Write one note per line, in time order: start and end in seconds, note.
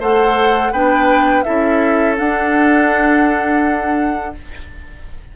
0.00 0.72 A3
0.00 0.73 A4
0.00 0.72 C5
0.00 0.73 F#5
0.72 1.44 B3
0.72 1.45 D4
0.72 1.45 B4
0.72 1.43 G5
1.43 2.20 C#4
1.43 2.17 E4
1.43 4.35 A4
1.43 2.16 E5
2.17 4.34 D4
2.17 4.36 D4
2.17 4.35 F#5